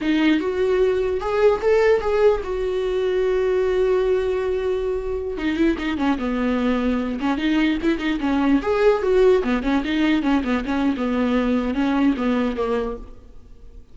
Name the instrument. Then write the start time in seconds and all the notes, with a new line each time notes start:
viola
0.01 D#4
0.39 F#4
1.20 G#4
1.61 A4
2.00 G#4
2.43 F#4
5.37 D#4
5.56 E4
5.78 D#4
5.97 C#4
6.18 B3
7.20 C#4
7.37 D#4
7.82 E4
7.98 D#4
8.20 C#4
8.62 G#4
9.02 F#4
9.43 B3
9.62 C#4
9.84 D#4
10.22 C#4
10.44 B3
10.65 C#4
10.97 B3
11.74 C#4
12.17 B3
12.56 A#3